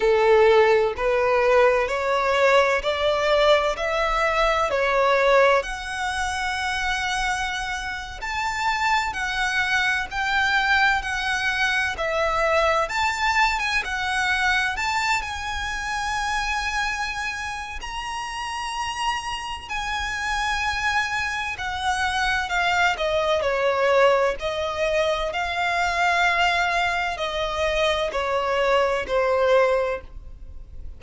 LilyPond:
\new Staff \with { instrumentName = "violin" } { \time 4/4 \tempo 4 = 64 a'4 b'4 cis''4 d''4 | e''4 cis''4 fis''2~ | fis''8. a''4 fis''4 g''4 fis''16~ | fis''8. e''4 a''8. gis''16 fis''4 a''16~ |
a''16 gis''2~ gis''8. ais''4~ | ais''4 gis''2 fis''4 | f''8 dis''8 cis''4 dis''4 f''4~ | f''4 dis''4 cis''4 c''4 | }